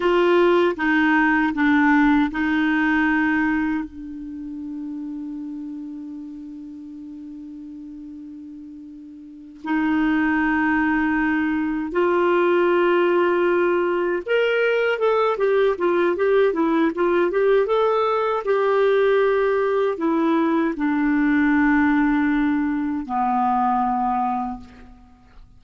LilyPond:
\new Staff \with { instrumentName = "clarinet" } { \time 4/4 \tempo 4 = 78 f'4 dis'4 d'4 dis'4~ | dis'4 d'2.~ | d'1~ | d'8 dis'2. f'8~ |
f'2~ f'8 ais'4 a'8 | g'8 f'8 g'8 e'8 f'8 g'8 a'4 | g'2 e'4 d'4~ | d'2 b2 | }